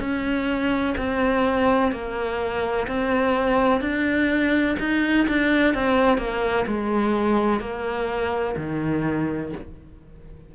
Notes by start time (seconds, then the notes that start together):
0.00 C#4
0.97 C4
1.92 A#3
2.88 C4
3.81 D4
4.80 D#4
5.28 D4
5.74 C4
6.18 A#3
6.67 G#3
7.60 A#3
8.57 D#3